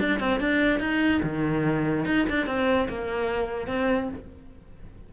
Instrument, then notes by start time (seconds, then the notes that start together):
cello
0.00 D4
0.20 C4
0.40 D4
0.80 D#4
1.23 D#3
2.06 D#4
2.29 D4
2.47 C4
2.89 A#3
3.68 C4